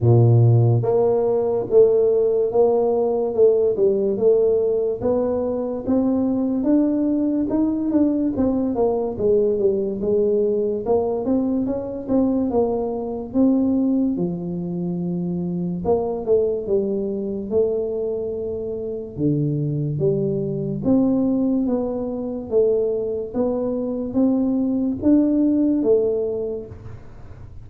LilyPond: \new Staff \with { instrumentName = "tuba" } { \time 4/4 \tempo 4 = 72 ais,4 ais4 a4 ais4 | a8 g8 a4 b4 c'4 | d'4 dis'8 d'8 c'8 ais8 gis8 g8 | gis4 ais8 c'8 cis'8 c'8 ais4 |
c'4 f2 ais8 a8 | g4 a2 d4 | g4 c'4 b4 a4 | b4 c'4 d'4 a4 | }